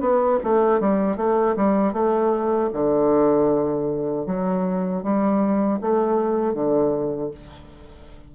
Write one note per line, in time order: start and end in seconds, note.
0.00 0.39 B3
0.43 0.80 A3
0.80 1.17 G3
1.17 1.55 A3
1.56 1.93 G3
1.93 2.70 A3
2.73 4.26 D3
4.26 5.03 F#3
5.03 5.80 G3
5.81 6.54 A3
6.54 7.31 D3